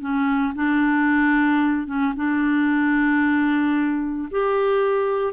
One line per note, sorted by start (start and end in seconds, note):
0.00 0.53 C#4
0.55 1.87 D4
1.87 2.13 C#4
2.16 4.28 D4
4.31 5.33 G4